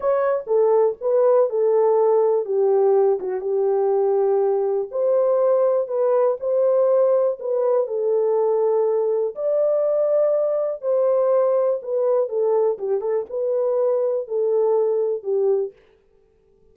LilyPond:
\new Staff \with { instrumentName = "horn" } { \time 4/4 \tempo 4 = 122 cis''4 a'4 b'4 a'4~ | a'4 g'4. fis'8 g'4~ | g'2 c''2 | b'4 c''2 b'4 |
a'2. d''4~ | d''2 c''2 | b'4 a'4 g'8 a'8 b'4~ | b'4 a'2 g'4 | }